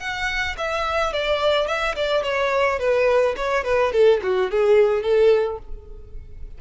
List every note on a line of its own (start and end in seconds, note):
0.00 0.56 F#5
0.58 1.13 E5
1.13 1.68 D5
1.68 1.96 E5
1.96 2.24 D5
2.24 2.80 C#5
2.80 3.36 B4
3.37 3.65 C#5
3.65 3.93 B4
3.93 4.21 A4
4.23 4.51 F#4
4.51 5.03 G#4
5.03 5.59 A4